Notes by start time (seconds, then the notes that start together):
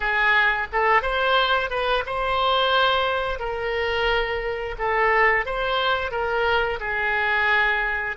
0.00 G#4
0.72 A4
1.02 C5
1.70 B4
2.05 C5
3.39 A#4
4.78 A4
5.45 C5
6.11 A#4
6.80 G#4